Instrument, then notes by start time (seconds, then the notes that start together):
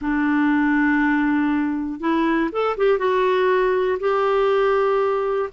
clarinet
0.01 D4
2.00 E4
2.52 A4
2.77 G4
2.98 F#4
3.99 G4